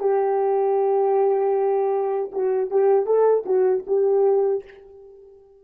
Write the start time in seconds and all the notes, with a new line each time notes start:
0.00 G4
2.32 F#4
2.71 G4
3.06 A4
3.46 F#4
3.87 G4